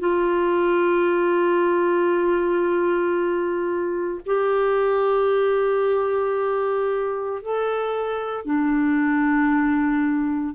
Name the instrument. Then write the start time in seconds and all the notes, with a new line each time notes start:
clarinet
0.00 F4
4.26 G4
7.42 A4
8.45 D4